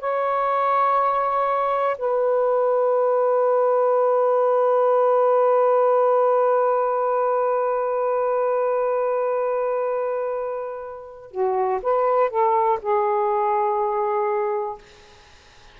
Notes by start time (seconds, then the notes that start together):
0.00 C#5
1.98 B4
11.31 F#4
11.83 B4
12.30 A4
12.82 G#4